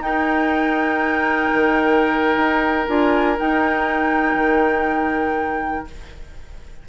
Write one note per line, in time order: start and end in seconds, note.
0.00 1.49 D#4
0.00 2.86 D#4
0.00 5.89 A#4
0.00 2.88 G5
1.53 2.37 D#3
2.37 2.86 D#4
2.88 3.38 D4
2.88 3.37 F4
2.88 3.37 G#5
3.38 5.86 D#4
3.38 4.35 D#4
3.38 5.87 G5
4.35 5.84 D#3